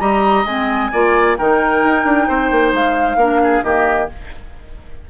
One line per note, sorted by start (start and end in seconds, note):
0.00 0.45 G3
0.00 0.46 G4
0.00 0.91 D#5
0.00 0.45 A#5
0.45 0.91 G#3
0.45 0.92 C4
0.45 1.37 G#5
0.93 1.39 A#3
0.93 1.38 F4
0.93 1.38 D5
1.38 1.84 D#3
1.38 3.20 D#4
1.38 2.28 A#4
1.38 2.74 G5
1.84 2.05 D#4
2.05 2.28 D4
2.28 2.51 C4
2.28 3.17 C5
2.51 2.73 A#3
2.73 3.16 G#3
2.73 3.64 F5
3.16 3.62 A#3
3.16 3.64 D4
3.16 3.40 A#4
3.44 3.65 G#4
3.63 4.09 D#3
3.63 4.09 A#3
3.63 4.10 G4
3.63 4.09 D#5